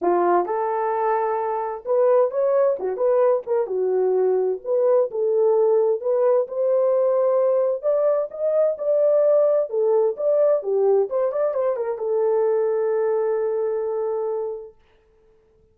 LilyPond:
\new Staff \with { instrumentName = "horn" } { \time 4/4 \tempo 4 = 130 f'4 a'2. | b'4 cis''4 fis'8 b'4 ais'8 | fis'2 b'4 a'4~ | a'4 b'4 c''2~ |
c''4 d''4 dis''4 d''4~ | d''4 a'4 d''4 g'4 | c''8 d''8 c''8 ais'8 a'2~ | a'1 | }